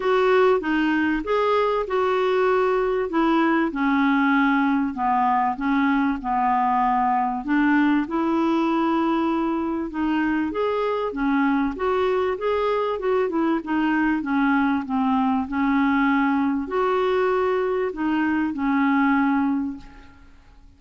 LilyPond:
\new Staff \with { instrumentName = "clarinet" } { \time 4/4 \tempo 4 = 97 fis'4 dis'4 gis'4 fis'4~ | fis'4 e'4 cis'2 | b4 cis'4 b2 | d'4 e'2. |
dis'4 gis'4 cis'4 fis'4 | gis'4 fis'8 e'8 dis'4 cis'4 | c'4 cis'2 fis'4~ | fis'4 dis'4 cis'2 | }